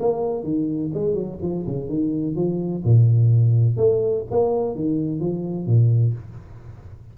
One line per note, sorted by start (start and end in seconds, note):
0.00 0.44 A#3
0.44 0.92 D#3
0.94 1.15 G#3
1.15 1.38 F#3
1.42 1.66 F3
1.66 1.89 C#3
1.89 2.36 D#3
2.36 2.83 F3
2.84 3.77 A#2
3.77 4.25 A3
4.31 4.75 A#3
4.75 5.20 D#3
5.20 5.67 F3
5.67 6.14 A#2